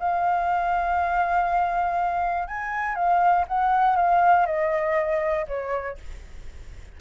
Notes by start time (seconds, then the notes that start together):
0.00 F5
2.48 G#5
2.95 F5
3.48 F#5
3.97 F5
4.46 D#5
5.48 C#5